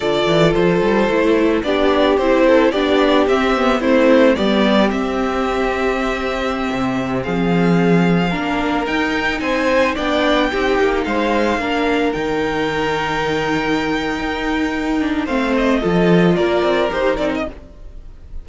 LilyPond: <<
  \new Staff \with { instrumentName = "violin" } { \time 4/4 \tempo 4 = 110 d''4 c''2 d''4 | c''4 d''4 e''4 c''4 | d''4 e''2.~ | e''4~ e''16 f''2~ f''8.~ |
f''16 g''4 gis''4 g''4.~ g''16~ | g''16 f''2 g''4.~ g''16~ | g''1 | f''8 dis''4. d''4 c''8 d''16 dis''16 | }
  \new Staff \with { instrumentName = "violin" } { \time 4/4 a'2. g'4~ | g'8 a'8 g'2 e'4 | g'1~ | g'4~ g'16 gis'2 ais'8.~ |
ais'4~ ais'16 c''4 d''4 g'8.~ | g'16 c''4 ais'2~ ais'8.~ | ais'1 | c''4 a'4 ais'2 | }
  \new Staff \with { instrumentName = "viola" } { \time 4/4 f'2 e'4 d'4 | e'4 d'4 c'8 b8 c'4 | b4 c'2.~ | c'2.~ c'16 d'8.~ |
d'16 dis'2 d'4 dis'8.~ | dis'4~ dis'16 d'4 dis'4.~ dis'16~ | dis'2.~ dis'8 d'8 | c'4 f'2 g'8 dis'8 | }
  \new Staff \with { instrumentName = "cello" } { \time 4/4 d8 e8 f8 g8 a4 b4 | c'4 b4 c'4 a4 | g4 c'2.~ | c'16 c4 f2 ais8.~ |
ais16 dis'4 c'4 b4 c'8 ais16~ | ais16 gis4 ais4 dis4.~ dis16~ | dis2 dis'2 | a4 f4 ais8 c'8 dis'8 c'8 | }
>>